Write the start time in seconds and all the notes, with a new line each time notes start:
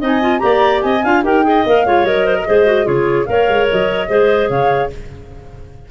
0.00 C4 D#4 D#5
0.06 G#5
0.22 F4
0.39 A#3 G4 D5 A#5
0.82 C4 D#5 G#5
1.04 D4 F4 F5
1.23 D#4 G4 A#4 G5
1.44 G#4 D#5
1.66 A#3 A#4 F5
1.85 G#3 F4 C#5
2.04 F#3 A#4 D#5
2.26 C5
2.36 A#4
2.47 G#3 G#4 C5
2.66 F#4
2.85 C#3 F4 G#4 C#5
3.26 A#3 A#4 C#5 F5
3.48 G#3
3.71 F#3 D#5
4.08 G#3 G#4 C5
4.50 C#3 C#5 F5